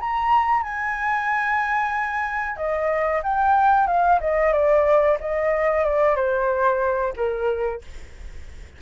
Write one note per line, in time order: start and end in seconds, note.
0.00 0.62 A#5
0.62 2.56 G#5
2.56 3.21 D#5
3.23 3.87 G5
3.87 4.19 F5
4.20 4.52 D#5
4.52 5.18 D5
5.20 5.84 D#5
5.84 6.15 D5
6.15 7.13 C5
7.16 7.81 A#4